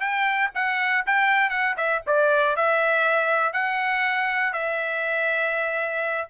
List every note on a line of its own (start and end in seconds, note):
0.00 0.50 G5
0.54 1.04 F#5
1.06 1.50 G5
1.50 1.75 F#5
1.77 2.02 E5
2.06 2.56 D5
2.56 3.53 E5
3.53 4.52 F#5
4.52 6.27 E5